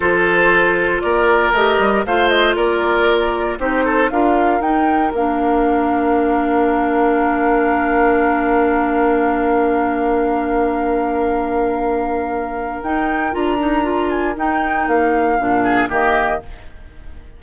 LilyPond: <<
  \new Staff \with { instrumentName = "flute" } { \time 4/4 \tempo 4 = 117 c''2 d''4 dis''4 | f''8 dis''8 d''2 c''4 | f''4 g''4 f''2~ | f''1~ |
f''1~ | f''1~ | f''4 g''4 ais''4. gis''8 | g''4 f''2 dis''4 | }
  \new Staff \with { instrumentName = "oboe" } { \time 4/4 a'2 ais'2 | c''4 ais'2 g'8 a'8 | ais'1~ | ais'1~ |
ais'1~ | ais'1~ | ais'1~ | ais'2~ ais'8 gis'8 g'4 | }
  \new Staff \with { instrumentName = "clarinet" } { \time 4/4 f'2. g'4 | f'2. dis'4 | f'4 dis'4 d'2~ | d'1~ |
d'1~ | d'1~ | d'4 dis'4 f'8 dis'8 f'4 | dis'2 d'4 ais4 | }
  \new Staff \with { instrumentName = "bassoon" } { \time 4/4 f2 ais4 a8 g8 | a4 ais2 c'4 | d'4 dis'4 ais2~ | ais1~ |
ais1~ | ais1~ | ais4 dis'4 d'2 | dis'4 ais4 ais,4 dis4 | }
>>